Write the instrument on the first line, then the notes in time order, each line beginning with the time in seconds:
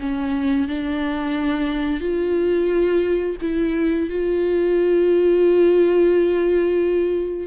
viola
0.00 C#4
0.68 D4
2.01 F4
3.42 E4
4.10 F4